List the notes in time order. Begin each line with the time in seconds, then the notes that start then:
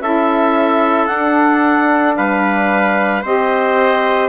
0.00 C#4 E4 A4 E5
1.06 D4 F#5
2.16 G3 B4 F5
3.22 C4 G4 C5 D#5